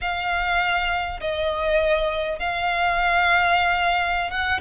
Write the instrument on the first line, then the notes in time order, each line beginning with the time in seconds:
violin
0.01 F5
1.20 D#5
2.39 F5
4.30 F#5